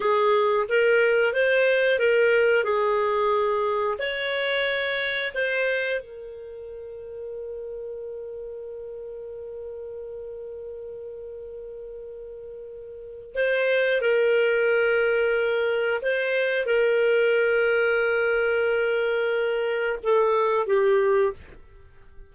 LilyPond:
\new Staff \with { instrumentName = "clarinet" } { \time 4/4 \tempo 4 = 90 gis'4 ais'4 c''4 ais'4 | gis'2 cis''2 | c''4 ais'2.~ | ais'1~ |
ais'1 | c''4 ais'2. | c''4 ais'2.~ | ais'2 a'4 g'4 | }